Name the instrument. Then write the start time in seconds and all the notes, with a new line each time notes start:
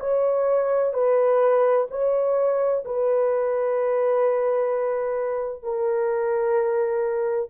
horn
0.00 C#5
0.94 B4
1.91 C#5
2.85 B4
5.63 A#4